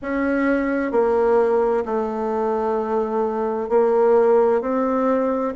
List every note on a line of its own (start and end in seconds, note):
0.02 0.91 C#4
0.91 1.83 A#3
1.85 3.69 A3
3.69 4.61 A#3
4.61 5.53 C4